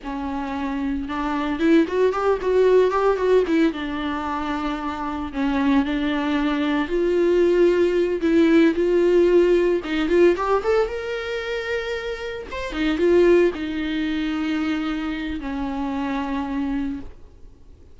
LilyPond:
\new Staff \with { instrumentName = "viola" } { \time 4/4 \tempo 4 = 113 cis'2 d'4 e'8 fis'8 | g'8 fis'4 g'8 fis'8 e'8 d'4~ | d'2 cis'4 d'4~ | d'4 f'2~ f'8 e'8~ |
e'8 f'2 dis'8 f'8 g'8 | a'8 ais'2. c''8 | dis'8 f'4 dis'2~ dis'8~ | dis'4 cis'2. | }